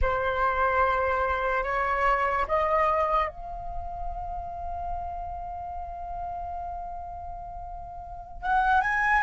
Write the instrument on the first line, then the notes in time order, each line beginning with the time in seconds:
flute
0.01 C5
1.63 C#5
2.47 D#5
3.28 F5
8.41 F#5
8.81 G#5